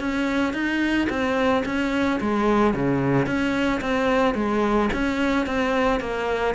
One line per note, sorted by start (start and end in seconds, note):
0.00 0.54 C#4
0.54 1.08 D#4
1.10 1.64 C4
1.66 2.20 C#4
2.21 2.74 G#3
2.74 3.26 C#3
3.26 3.81 C#4
3.81 4.35 C4
4.35 4.89 G#3
4.93 5.46 C#4
5.46 6.00 C4
6.00 6.55 A#3